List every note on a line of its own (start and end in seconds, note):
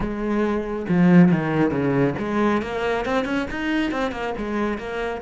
0.00 0.86 G#3
0.89 1.31 F3
1.31 1.70 D#3
1.70 2.14 C#3
2.18 2.61 G#3
2.61 3.05 A#3
3.05 3.25 C4
3.25 3.46 C#4
3.50 3.91 D#4
3.91 4.11 C4
4.11 4.33 A#3
4.37 4.77 G#3
4.77 5.21 A#3